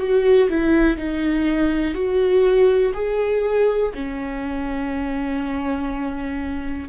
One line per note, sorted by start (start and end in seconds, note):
0.00 0.49 F#4
0.50 0.97 E4
0.97 1.94 D#4
1.94 2.93 F#4
2.94 3.93 G#4
3.95 6.89 C#4